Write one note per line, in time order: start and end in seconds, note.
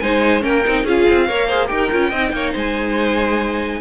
0.00 0.44 G#3
0.00 0.41 D#4
0.00 0.43 C5
0.00 0.42 G#5
0.41 0.65 A#3
0.41 0.62 C#4
0.41 0.85 A#4
0.41 0.86 G5
0.66 0.84 C4
0.66 0.87 D#4
0.84 1.05 C#4
0.84 1.28 F4
0.84 1.27 G#4
0.84 1.68 F5
1.10 1.30 C4
1.28 1.71 A#3
1.28 1.50 A#4
1.28 1.47 C#5
1.47 1.68 G#4
1.47 1.68 C5
1.68 1.92 D#4
1.68 1.90 G4
1.68 2.10 A#4
1.68 2.52 G5
1.92 2.12 C#4
1.92 2.13 F4
2.10 2.33 C4
2.10 3.81 D#4
2.10 2.31 D#5
2.33 2.54 A#3
2.33 2.53 C#5
2.53 3.81 G#3
2.53 3.79 C5
2.53 3.81 G#5